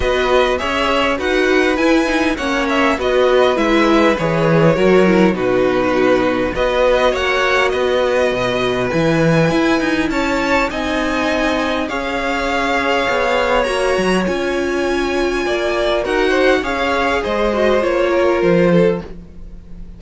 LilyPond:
<<
  \new Staff \with { instrumentName = "violin" } { \time 4/4 \tempo 4 = 101 dis''4 e''4 fis''4 gis''4 | fis''8 e''8 dis''4 e''4 cis''4~ | cis''4 b'2 dis''4 | fis''4 dis''2 gis''4~ |
gis''4 a''4 gis''2 | f''2. ais''4 | gis''2. fis''4 | f''4 dis''4 cis''4 c''4 | }
  \new Staff \with { instrumentName = "violin" } { \time 4/4 b'4 cis''4 b'2 | cis''4 b'2. | ais'4 fis'2 b'4 | cis''4 b'2.~ |
b'4 cis''4 dis''2 | cis''1~ | cis''2 d''4 ais'8 c''8 | cis''4 c''4. ais'4 a'8 | }
  \new Staff \with { instrumentName = "viola" } { \time 4/4 fis'4 gis'4 fis'4 e'8 dis'8 | cis'4 fis'4 e'4 gis'4 | fis'8 e'8 dis'2 fis'4~ | fis'2. e'4~ |
e'2 dis'2 | gis'2. fis'4 | f'2. fis'4 | gis'4. fis'8 f'2 | }
  \new Staff \with { instrumentName = "cello" } { \time 4/4 b4 cis'4 dis'4 e'4 | ais4 b4 gis4 e4 | fis4 b,2 b4 | ais4 b4 b,4 e4 |
e'8 dis'8 cis'4 c'2 | cis'2 b4 ais8 fis8 | cis'2 ais4 dis'4 | cis'4 gis4 ais4 f4 | }
>>